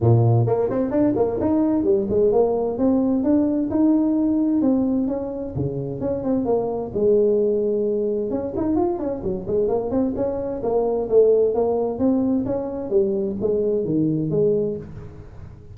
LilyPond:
\new Staff \with { instrumentName = "tuba" } { \time 4/4 \tempo 4 = 130 ais,4 ais8 c'8 d'8 ais8 dis'4 | g8 gis8 ais4 c'4 d'4 | dis'2 c'4 cis'4 | cis4 cis'8 c'8 ais4 gis4~ |
gis2 cis'8 dis'8 f'8 cis'8 | fis8 gis8 ais8 c'8 cis'4 ais4 | a4 ais4 c'4 cis'4 | g4 gis4 dis4 gis4 | }